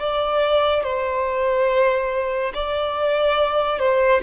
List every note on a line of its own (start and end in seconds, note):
0.00 0.84 D5
0.84 2.53 C5
2.54 3.79 D5
3.79 4.21 C5